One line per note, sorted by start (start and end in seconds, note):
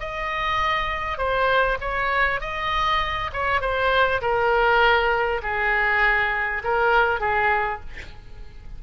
0.00 1.18 D#5
1.18 1.78 C5
1.81 2.41 C#5
2.41 3.31 D#5
3.33 3.61 C#5
3.61 4.21 C5
4.22 5.42 A#4
5.43 6.63 G#4
6.64 7.20 A#4
7.20 7.80 G#4